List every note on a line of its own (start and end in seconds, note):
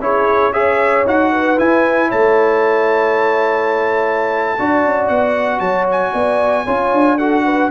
0.00 1.04 C#4
0.00 0.53 E4
0.00 0.53 G#4
0.00 0.53 C#5
0.53 1.05 G#4
0.53 1.32 C#5
0.53 1.06 E5
1.06 1.58 D#4
1.06 1.58 F#4
1.06 1.59 F#5
1.32 2.09 B4
1.58 4.58 E4
1.58 2.12 E4
1.58 2.11 G#5
2.09 4.60 A3
2.09 4.57 C#5
2.09 5.09 A5
4.59 4.86 D4
4.59 6.67 F#4
4.59 5.60 D5
4.86 5.10 C#4
5.09 5.60 B3
5.09 5.60 F#5
5.60 6.13 F#3
5.60 6.12 C#5
5.60 5.86 A5
5.92 7.19 G#5
6.13 6.66 B3
6.13 6.65 D5
6.65 6.93 C#4
6.65 7.19 F4
6.65 7.17 C#5
6.93 7.72 D4
7.18 7.72 F#4
7.18 7.45 A4
7.18 7.71 F#5
7.45 7.71 B4